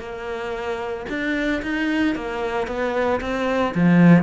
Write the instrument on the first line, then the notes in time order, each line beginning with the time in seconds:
cello
0.00 A#3
1.09 D4
1.63 D#4
2.16 A#3
2.68 B3
3.21 C4
3.75 F3